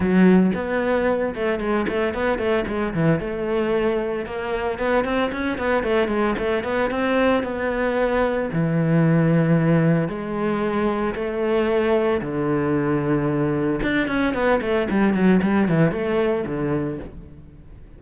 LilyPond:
\new Staff \with { instrumentName = "cello" } { \time 4/4 \tempo 4 = 113 fis4 b4. a8 gis8 a8 | b8 a8 gis8 e8 a2 | ais4 b8 c'8 cis'8 b8 a8 gis8 | a8 b8 c'4 b2 |
e2. gis4~ | gis4 a2 d4~ | d2 d'8 cis'8 b8 a8 | g8 fis8 g8 e8 a4 d4 | }